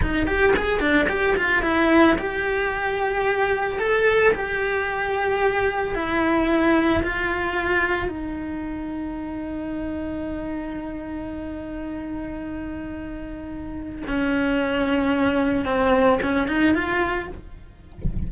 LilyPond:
\new Staff \with { instrumentName = "cello" } { \time 4/4 \tempo 4 = 111 dis'8 g'8 gis'8 d'8 g'8 f'8 e'4 | g'2. a'4 | g'2. e'4~ | e'4 f'2 dis'4~ |
dis'1~ | dis'1~ | dis'2 cis'2~ | cis'4 c'4 cis'8 dis'8 f'4 | }